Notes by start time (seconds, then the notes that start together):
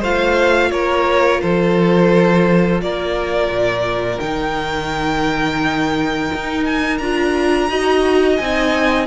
0.00 A3 F4 C5 F5
0.71 A#3 A#4 C#5
1.42 F3 A4 C5
2.82 A#3 A#4 D5
3.48 A#2
4.20 D#3 D#4 G5
6.34 D#4
6.65 G#5
6.98 D4 F4 A#5
7.70 D#4 F#4 D#5
8.37 C4 D#4 G#5